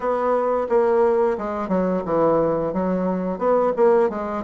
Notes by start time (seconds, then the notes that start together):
0.00 B3
0.69 A#3
1.38 G#3
1.68 F#3
2.05 E3
2.73 F#3
3.38 B3
3.76 A#3
4.09 G#3